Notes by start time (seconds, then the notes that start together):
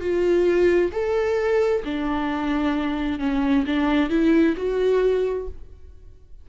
0.00 F4
0.92 A4
1.84 D4
3.19 C#4
3.66 D4
4.10 E4
4.56 F#4